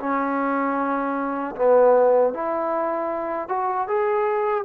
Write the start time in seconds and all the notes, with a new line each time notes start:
0.00 C#4
1.56 B3
2.34 E4
3.49 F#4
3.88 G#4